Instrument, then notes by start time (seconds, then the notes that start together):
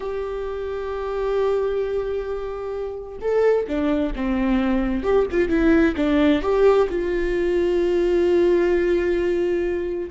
viola
0.00 G4
3.21 A4
3.67 D4
4.15 C4
5.03 G4
5.31 F4
5.48 E4
5.96 D4
6.42 G4
6.89 F4